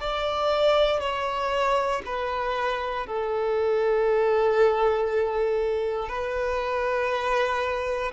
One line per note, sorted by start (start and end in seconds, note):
0.00 1.00 D5
1.00 2.02 C#5
2.05 3.06 B4
3.06 6.08 A4
6.08 8.12 B4